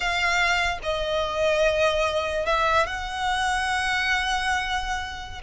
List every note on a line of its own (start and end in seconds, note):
0.00 0.78 F5
0.83 2.46 D#5
2.46 2.86 E5
2.86 5.41 F#5